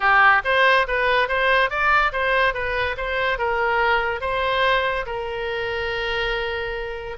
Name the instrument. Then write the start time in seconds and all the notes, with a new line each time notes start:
oboe
0.00 G4
0.44 C5
0.87 B4
1.28 C5
1.70 D5
2.12 C5
2.54 B4
2.97 C5
3.38 A#4
4.21 C5
5.06 A#4